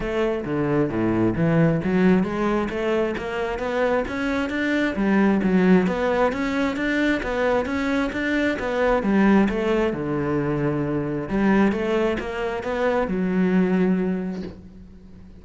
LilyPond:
\new Staff \with { instrumentName = "cello" } { \time 4/4 \tempo 4 = 133 a4 d4 a,4 e4 | fis4 gis4 a4 ais4 | b4 cis'4 d'4 g4 | fis4 b4 cis'4 d'4 |
b4 cis'4 d'4 b4 | g4 a4 d2~ | d4 g4 a4 ais4 | b4 fis2. | }